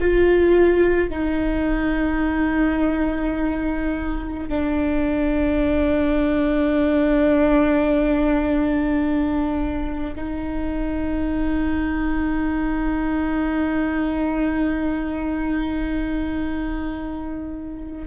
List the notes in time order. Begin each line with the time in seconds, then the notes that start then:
0.00 F4
1.10 D#4
4.49 D4
10.16 D#4